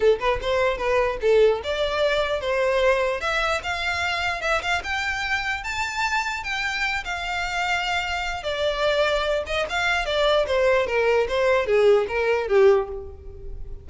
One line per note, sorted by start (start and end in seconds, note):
0.00 0.19 A4
0.19 0.39 B4
0.41 0.77 C5
0.77 1.17 B4
1.21 1.61 A4
1.63 2.40 D5
2.40 3.20 C5
3.20 3.61 E5
3.63 4.41 F5
4.41 4.61 E5
4.62 4.82 F5
4.83 5.63 G5
5.63 6.43 A5
6.43 7.04 G5
7.04 8.43 F5
8.43 9.43 D5
9.46 9.66 D#5
9.69 10.05 F5
10.05 10.46 D5
10.46 10.87 C5
10.87 11.27 A#4
11.28 11.66 C5
11.66 12.06 G#4
12.08 12.48 A#4
12.48 12.88 G4